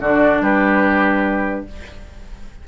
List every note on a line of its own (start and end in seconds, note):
0.00 0.41 D3
0.00 1.67 D4
0.00 0.42 F#4
0.00 0.43 D5
0.41 1.64 G3
0.41 1.65 G4
0.41 1.67 B4